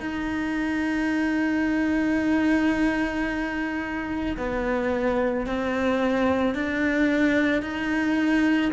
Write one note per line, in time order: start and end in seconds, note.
0.00 4.36 D#4
4.37 5.46 B3
5.46 6.55 C4
6.55 7.62 D4
7.62 8.71 D#4